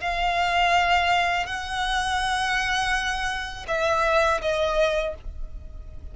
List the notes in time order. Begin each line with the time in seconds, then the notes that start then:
0.00 F5
1.46 F#5
3.68 E5
4.41 D#5